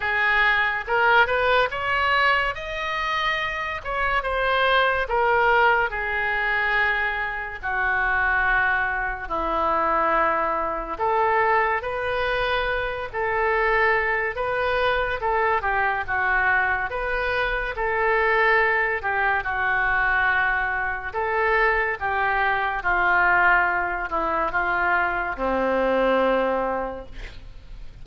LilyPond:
\new Staff \with { instrumentName = "oboe" } { \time 4/4 \tempo 4 = 71 gis'4 ais'8 b'8 cis''4 dis''4~ | dis''8 cis''8 c''4 ais'4 gis'4~ | gis'4 fis'2 e'4~ | e'4 a'4 b'4. a'8~ |
a'4 b'4 a'8 g'8 fis'4 | b'4 a'4. g'8 fis'4~ | fis'4 a'4 g'4 f'4~ | f'8 e'8 f'4 c'2 | }